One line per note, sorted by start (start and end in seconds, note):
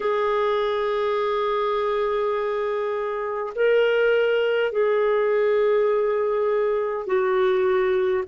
0.00 3.53 G#4
3.55 4.72 A#4
4.72 7.06 G#4
7.06 8.24 F#4